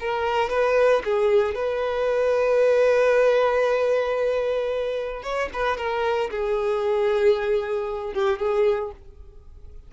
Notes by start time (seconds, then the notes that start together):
0.00 A#4
0.49 B4
1.04 G#4
1.55 B4
5.23 C#5
5.53 B4
5.77 A#4
6.30 G#4
8.13 G4
8.39 G#4